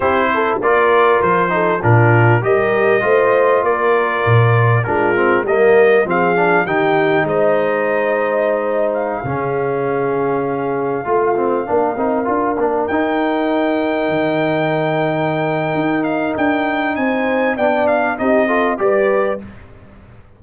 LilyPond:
<<
  \new Staff \with { instrumentName = "trumpet" } { \time 4/4 \tempo 4 = 99 c''4 d''4 c''4 ais'4 | dis''2 d''2 | ais'4 dis''4 f''4 g''4 | dis''2~ dis''8. f''4~ f''16~ |
f''1~ | f''4~ f''16 g''2~ g''8.~ | g''2~ g''8 f''8 g''4 | gis''4 g''8 f''8 dis''4 d''4 | }
  \new Staff \with { instrumentName = "horn" } { \time 4/4 g'8 a'8 ais'4. a'8 f'4 | ais'4 c''4 ais'2 | f'4 ais'4 gis'4 g'4 | c''2.~ c''16 gis'8.~ |
gis'2~ gis'16 f'4 ais'8.~ | ais'1~ | ais'1 | c''4 d''4 g'8 a'8 b'4 | }
  \new Staff \with { instrumentName = "trombone" } { \time 4/4 e'4 f'4. dis'8 d'4 | g'4 f'2. | d'8 c'8 ais4 c'8 d'8 dis'4~ | dis'2.~ dis'16 cis'8.~ |
cis'2~ cis'16 f'8 c'8 d'8 dis'16~ | dis'16 f'8 d'8 dis'2~ dis'8.~ | dis'1~ | dis'4 d'4 dis'8 f'8 g'4 | }
  \new Staff \with { instrumentName = "tuba" } { \time 4/4 c'4 ais4 f4 ais,4 | g4 a4 ais4 ais,4 | gis4 g4 f4 dis4 | gis2.~ gis16 cis8.~ |
cis2~ cis16 a4 ais8 c'16~ | c'16 d'8 ais8 dis'2 dis8.~ | dis2 dis'4 d'4 | c'4 b4 c'4 g4 | }
>>